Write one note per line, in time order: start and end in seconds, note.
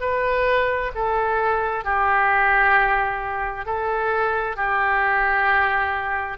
0.00 0.91 B4
0.94 1.84 A4
1.84 3.65 G4
3.65 4.56 A4
4.56 6.37 G4